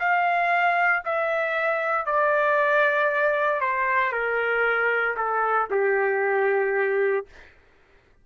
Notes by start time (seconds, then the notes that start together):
0.00 F5
1.05 E5
2.06 D5
3.61 C5
4.12 A#4
5.17 A4
5.71 G4